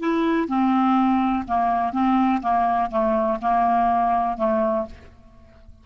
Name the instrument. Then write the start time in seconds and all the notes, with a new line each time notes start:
clarinet
0.00 E4
0.49 C4
1.48 A#3
1.93 C4
2.42 A#3
2.91 A3
3.42 A#3
4.38 A3